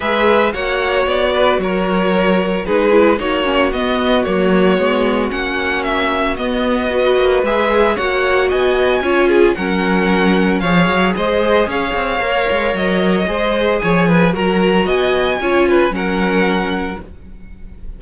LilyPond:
<<
  \new Staff \with { instrumentName = "violin" } { \time 4/4 \tempo 4 = 113 e''4 fis''4 d''4 cis''4~ | cis''4 b'4 cis''4 dis''4 | cis''2 fis''4 e''4 | dis''2 e''4 fis''4 |
gis''2 fis''2 | f''4 dis''4 f''2 | dis''2 gis''4 ais''4 | gis''2 fis''2 | }
  \new Staff \with { instrumentName = "violin" } { \time 4/4 b'4 cis''4. b'8 ais'4~ | ais'4 gis'4 fis'2~ | fis'1~ | fis'4 b'2 cis''4 |
dis''4 cis''8 gis'8 ais'2 | cis''4 c''4 cis''2~ | cis''4 c''4 cis''8 b'8 ais'4 | dis''4 cis''8 b'8 ais'2 | }
  \new Staff \with { instrumentName = "viola" } { \time 4/4 gis'4 fis'2.~ | fis'4 dis'8 e'8 dis'8 cis'8 b4 | ais4 b4 cis'2 | b4 fis'4 gis'4 fis'4~ |
fis'4 f'4 cis'2 | gis'2. ais'4~ | ais'4 gis'2 fis'4~ | fis'4 f'4 cis'2 | }
  \new Staff \with { instrumentName = "cello" } { \time 4/4 gis4 ais4 b4 fis4~ | fis4 gis4 ais4 b4 | fis4 gis4 ais2 | b4. ais8 gis4 ais4 |
b4 cis'4 fis2 | f8 fis8 gis4 cis'8 c'8 ais8 gis8 | fis4 gis4 f4 fis4 | b4 cis'4 fis2 | }
>>